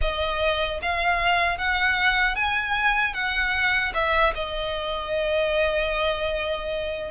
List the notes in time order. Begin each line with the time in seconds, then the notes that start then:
0.01 D#5
0.82 F5
1.58 F#5
2.35 G#5
3.13 F#5
3.94 E5
4.35 D#5